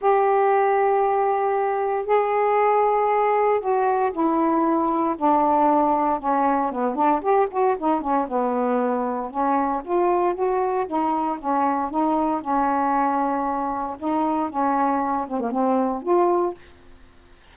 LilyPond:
\new Staff \with { instrumentName = "saxophone" } { \time 4/4 \tempo 4 = 116 g'1 | gis'2. fis'4 | e'2 d'2 | cis'4 b8 d'8 g'8 fis'8 dis'8 cis'8 |
b2 cis'4 f'4 | fis'4 dis'4 cis'4 dis'4 | cis'2. dis'4 | cis'4. c'16 ais16 c'4 f'4 | }